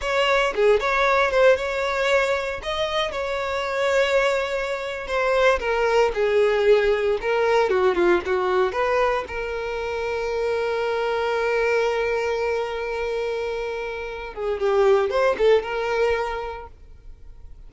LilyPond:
\new Staff \with { instrumentName = "violin" } { \time 4/4 \tempo 4 = 115 cis''4 gis'8 cis''4 c''8 cis''4~ | cis''4 dis''4 cis''2~ | cis''4.~ cis''16 c''4 ais'4 gis'16~ | gis'4.~ gis'16 ais'4 fis'8 f'8 fis'16~ |
fis'8. b'4 ais'2~ ais'16~ | ais'1~ | ais'2.~ ais'8 gis'8 | g'4 c''8 a'8 ais'2 | }